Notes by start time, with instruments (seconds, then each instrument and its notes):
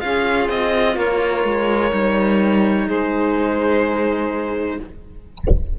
0.00 cello C#4 F4, saxophone G#4, violin F5
0.49 cello C4, violin D#5
0.96 cello A#3, saxophone A#4, violin C#5
1.44 cello G#3
1.91 cello G3 D#4
2.86 cello G#3, saxophone G#4, violin C5